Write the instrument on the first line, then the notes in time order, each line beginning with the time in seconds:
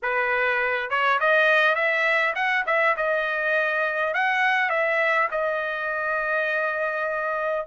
trumpet
0.02 B4
0.90 C#5
1.20 D#5
1.75 E5
2.35 F#5
2.66 E5
2.96 D#5
4.13 F#5
4.69 E5
5.31 D#5